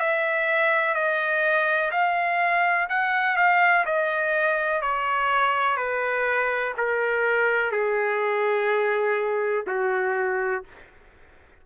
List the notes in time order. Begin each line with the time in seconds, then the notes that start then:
0.00 E5
0.95 D#5
1.92 F5
2.89 F#5
3.37 F5
3.86 D#5
4.82 C#5
5.77 B4
6.78 A#4
7.72 G#4
9.67 F#4